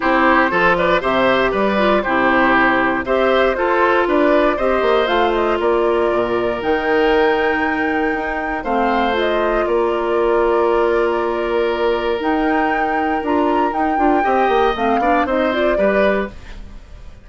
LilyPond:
<<
  \new Staff \with { instrumentName = "flute" } { \time 4/4 \tempo 4 = 118 c''4. d''8 e''4 d''4 | c''2 e''4 c''4 | d''4 dis''4 f''8 dis''8 d''4~ | d''4 g''2.~ |
g''4 f''4 dis''4 d''4~ | d''1 | g''2 ais''4 g''4~ | g''4 f''4 dis''8 d''4. | }
  \new Staff \with { instrumentName = "oboe" } { \time 4/4 g'4 a'8 b'8 c''4 b'4 | g'2 c''4 a'4 | b'4 c''2 ais'4~ | ais'1~ |
ais'4 c''2 ais'4~ | ais'1~ | ais'1 | dis''4. d''8 c''4 b'4 | }
  \new Staff \with { instrumentName = "clarinet" } { \time 4/4 e'4 f'4 g'4. f'8 | e'2 g'4 f'4~ | f'4 g'4 f'2~ | f'4 dis'2.~ |
dis'4 c'4 f'2~ | f'1 | dis'2 f'4 dis'8 f'8 | g'4 c'8 d'8 dis'8 f'8 g'4 | }
  \new Staff \with { instrumentName = "bassoon" } { \time 4/4 c'4 f4 c4 g4 | c2 c'4 f'4 | d'4 c'8 ais8 a4 ais4 | ais,4 dis2. |
dis'4 a2 ais4~ | ais1 | dis'2 d'4 dis'8 d'8 | c'8 ais8 a8 b8 c'4 g4 | }
>>